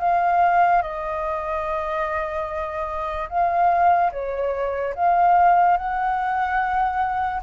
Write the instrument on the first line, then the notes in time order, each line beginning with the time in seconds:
flute
0.00 F5
0.82 D#5
3.30 F5
4.12 C#5
4.95 F5
5.77 F#5